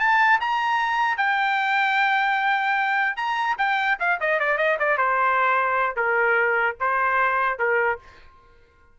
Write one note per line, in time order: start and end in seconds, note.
0.00 0.40 A5
0.41 1.18 A#5
1.18 3.17 G5
3.17 3.57 A#5
3.59 3.99 G5
4.00 4.20 F5
4.21 4.40 D#5
4.40 4.58 D5
4.58 4.78 D#5
4.80 4.98 D5
4.98 5.97 C5
5.97 6.77 A#4
6.81 7.59 C5
7.59 7.99 A#4